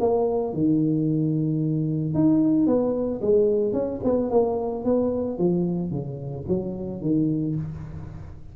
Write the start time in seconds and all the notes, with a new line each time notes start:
0.00 A#3
0.54 D#3
2.14 D#4
2.67 B3
3.22 G#3
3.73 C#4
4.04 B3
4.31 A#3
4.85 B3
5.39 F3
5.91 C#3
6.49 F#3
7.02 D#3